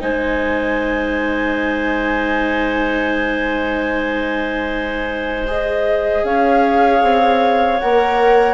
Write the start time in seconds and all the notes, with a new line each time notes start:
0.00 G#3 D#4 C5 G#5
5.47 G#4 D#5
6.24 C#4 C#5 F5
7.02 C4
7.80 A#3 A#4 F#5